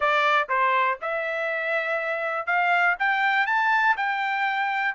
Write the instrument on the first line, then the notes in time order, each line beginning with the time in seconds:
trumpet
0.00 D5
0.48 C5
1.01 E5
2.46 F5
2.99 G5
3.46 A5
3.96 G5